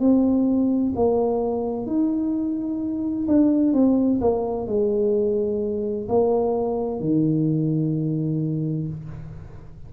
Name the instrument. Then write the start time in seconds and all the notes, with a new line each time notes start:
tuba
0.00 C4
0.96 A#3
1.87 D#4
3.28 D4
3.73 C4
4.21 A#3
4.67 G#3
6.09 A#3
7.01 D#3